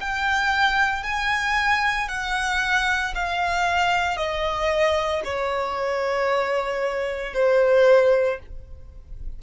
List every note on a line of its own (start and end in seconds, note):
0.00 1.03 G5
1.03 2.09 G#5
2.09 3.14 F#5
3.15 4.17 F5
4.17 5.22 D#5
5.24 7.33 C#5
7.33 8.39 C5